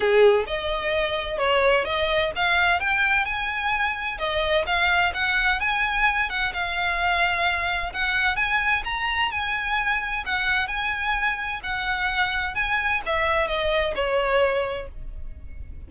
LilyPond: \new Staff \with { instrumentName = "violin" } { \time 4/4 \tempo 4 = 129 gis'4 dis''2 cis''4 | dis''4 f''4 g''4 gis''4~ | gis''4 dis''4 f''4 fis''4 | gis''4. fis''8 f''2~ |
f''4 fis''4 gis''4 ais''4 | gis''2 fis''4 gis''4~ | gis''4 fis''2 gis''4 | e''4 dis''4 cis''2 | }